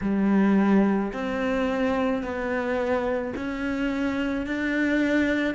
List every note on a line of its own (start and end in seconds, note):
0.01 1.12 G3
1.13 2.22 C4
2.22 3.33 B3
3.35 4.46 C#4
4.46 5.54 D4